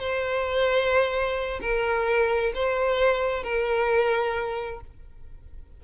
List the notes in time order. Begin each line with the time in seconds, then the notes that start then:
0.00 C5
1.62 A#4
2.55 C5
3.43 A#4